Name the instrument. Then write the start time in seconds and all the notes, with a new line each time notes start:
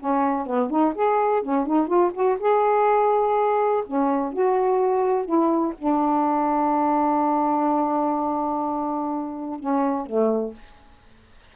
saxophone
0.00 C#4
0.47 B3
0.70 D#4
0.95 G#4
1.43 C#4
1.67 D#4
1.88 F4
2.14 F#4
2.40 G#4
3.87 C#4
4.33 F#4
5.26 E4
5.78 D4
9.60 C#4
10.07 A3